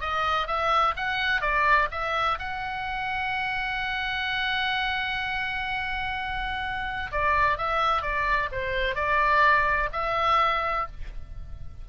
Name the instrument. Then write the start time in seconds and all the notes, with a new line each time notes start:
oboe
0.00 D#5
0.47 E5
0.96 F#5
1.41 D5
1.91 E5
2.38 F#5
7.11 D5
7.57 E5
8.02 D5
8.51 C5
8.95 D5
9.92 E5